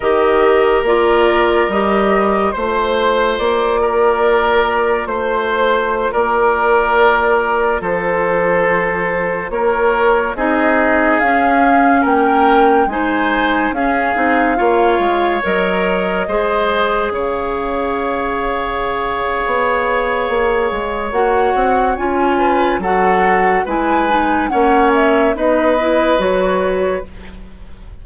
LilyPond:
<<
  \new Staff \with { instrumentName = "flute" } { \time 4/4 \tempo 4 = 71 dis''4 d''4 dis''4 c''4 | d''2 c''4~ c''16 d''8.~ | d''4~ d''16 c''2 cis''8.~ | cis''16 dis''4 f''4 g''4 gis''8.~ |
gis''16 f''2 dis''4.~ dis''16~ | dis''16 f''2.~ f''8.~ | f''4 fis''4 gis''4 fis''4 | gis''4 fis''8 e''8 dis''4 cis''4 | }
  \new Staff \with { instrumentName = "oboe" } { \time 4/4 ais'2. c''4~ | c''8 ais'4. c''4~ c''16 ais'8.~ | ais'4~ ais'16 a'2 ais'8.~ | ais'16 gis'2 ais'4 c''8.~ |
c''16 gis'4 cis''2 c''8.~ | c''16 cis''2.~ cis''8.~ | cis''2~ cis''8 b'8 a'4 | b'4 cis''4 b'2 | }
  \new Staff \with { instrumentName = "clarinet" } { \time 4/4 g'4 f'4 g'4 f'4~ | f'1~ | f'1~ | f'16 dis'4 cis'2 dis'8.~ |
dis'16 cis'8 dis'8 f'4 ais'4 gis'8.~ | gis'1~ | gis'4 fis'4 f'4 fis'4 | e'8 dis'8 cis'4 dis'8 e'8 fis'4 | }
  \new Staff \with { instrumentName = "bassoon" } { \time 4/4 dis4 ais4 g4 a4 | ais2 a4~ a16 ais8.~ | ais4~ ais16 f2 ais8.~ | ais16 c'4 cis'4 ais4 gis8.~ |
gis16 cis'8 c'8 ais8 gis8 fis4 gis8.~ | gis16 cis2~ cis8. b4 | ais8 gis8 ais8 c'8 cis'4 fis4 | gis4 ais4 b4 fis4 | }
>>